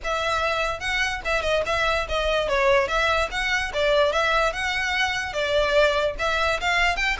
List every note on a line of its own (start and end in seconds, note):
0.04 0.80 E5
0.80 1.21 F#5
1.24 1.42 E5
1.42 1.62 D#5
1.66 2.07 E5
2.08 2.48 D#5
2.48 2.87 C#5
2.87 3.29 E5
3.31 3.72 F#5
3.73 4.12 D5
4.12 4.52 E5
4.52 5.33 F#5
5.33 6.15 D5
6.18 6.60 E5
6.60 6.96 F5
6.96 7.16 G5